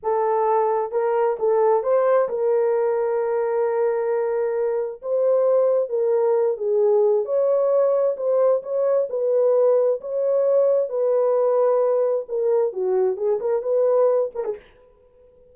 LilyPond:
\new Staff \with { instrumentName = "horn" } { \time 4/4 \tempo 4 = 132 a'2 ais'4 a'4 | c''4 ais'2.~ | ais'2. c''4~ | c''4 ais'4. gis'4. |
cis''2 c''4 cis''4 | b'2 cis''2 | b'2. ais'4 | fis'4 gis'8 ais'8 b'4. ais'16 gis'16 | }